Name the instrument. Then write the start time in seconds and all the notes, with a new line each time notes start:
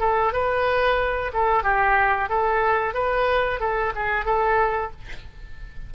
oboe
0.00 A4
0.33 B4
1.33 A4
1.64 G4
2.29 A4
2.94 B4
3.60 A4
3.96 G#4
4.25 A4